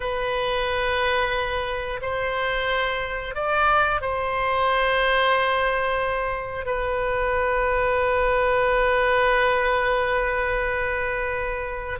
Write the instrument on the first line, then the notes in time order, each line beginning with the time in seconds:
oboe
0.00 B4
2.02 C5
3.35 D5
4.01 C5
6.65 B4